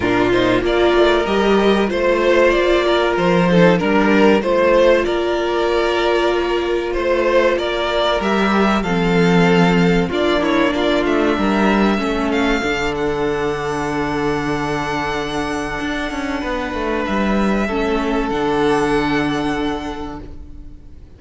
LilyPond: <<
  \new Staff \with { instrumentName = "violin" } { \time 4/4 \tempo 4 = 95 ais'8 c''8 d''4 dis''4 c''4 | d''4 c''4 ais'4 c''4 | d''2. c''4 | d''4 e''4 f''2 |
d''8 cis''8 d''8 e''2 f''8~ | f''8 fis''2.~ fis''8~ | fis''2. e''4~ | e''4 fis''2. | }
  \new Staff \with { instrumentName = "violin" } { \time 4/4 f'4 ais'2 c''4~ | c''8 ais'4 a'8 ais'4 c''4 | ais'2. c''4 | ais'2 a'2 |
f'8 e'8 f'4 ais'4 a'4~ | a'1~ | a'2 b'2 | a'1 | }
  \new Staff \with { instrumentName = "viola" } { \time 4/4 d'8 dis'8 f'4 g'4 f'4~ | f'4. dis'8 d'4 f'4~ | f'1~ | f'4 g'4 c'2 |
d'2. cis'4 | d'1~ | d'1 | cis'4 d'2. | }
  \new Staff \with { instrumentName = "cello" } { \time 4/4 ais,4 ais8 a8 g4 a4 | ais4 f4 g4 a4 | ais2. a4 | ais4 g4 f2 |
ais4. a8 g4 a4 | d1~ | d4 d'8 cis'8 b8 a8 g4 | a4 d2. | }
>>